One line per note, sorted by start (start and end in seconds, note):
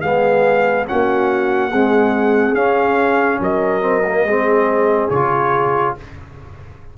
0.00 0.88 G#3
0.00 0.86 B3
0.00 0.85 G#4
0.00 0.85 F5
0.87 1.73 A#3
0.87 1.71 C#4
0.87 1.71 F#4
0.87 2.55 F#5
1.71 2.55 G#3
1.71 2.54 C4
1.71 3.40 G#4
2.54 3.39 C#4
2.54 3.81 C#4
2.54 3.39 F5
3.40 4.25 F#3
3.40 4.26 A#4
3.40 5.10 D#5
3.81 4.02 C4
4.06 4.27 A#3
4.25 5.09 G#3
4.25 5.13 C4
4.25 5.96 G#4
5.10 5.95 C#3
5.10 5.98 F4
5.10 5.94 C#5